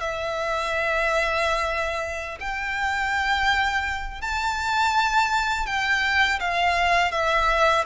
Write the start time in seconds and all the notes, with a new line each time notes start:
0.00 E5
2.40 G5
4.21 A5
5.66 G5
6.40 F5
7.11 E5